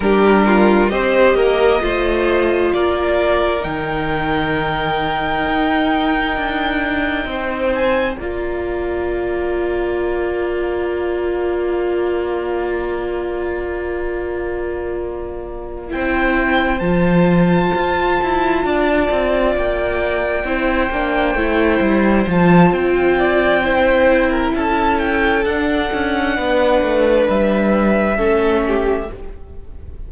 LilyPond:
<<
  \new Staff \with { instrumentName = "violin" } { \time 4/4 \tempo 4 = 66 ais'4 dis''2 d''4 | g''1~ | g''8 gis''8 ais''2.~ | ais''1~ |
ais''4. g''4 a''4.~ | a''4. g''2~ g''8~ | g''8 a''8 g''2 a''8 g''8 | fis''2 e''2 | }
  \new Staff \with { instrumentName = "violin" } { \time 4/4 g'8 f'8 c''8 ais'8 c''4 ais'4~ | ais'1 | c''4 d''2.~ | d''1~ |
d''4. c''2~ c''8~ | c''8 d''2 c''4.~ | c''4. d''8 c''8. ais'16 a'4~ | a'4 b'2 a'8 g'8 | }
  \new Staff \with { instrumentName = "viola" } { \time 4/4 d'4 g'4 f'2 | dis'1~ | dis'4 f'2.~ | f'1~ |
f'4. e'4 f'4.~ | f'2~ f'8 e'8 d'8 e'8~ | e'8 f'4. e'2 | d'2. cis'4 | }
  \new Staff \with { instrumentName = "cello" } { \time 4/4 g4 c'8 ais8 a4 ais4 | dis2 dis'4 d'4 | c'4 ais2.~ | ais1~ |
ais4. c'4 f4 f'8 | e'8 d'8 c'8 ais4 c'8 ais8 a8 | g8 f8 c'2 cis'4 | d'8 cis'8 b8 a8 g4 a4 | }
>>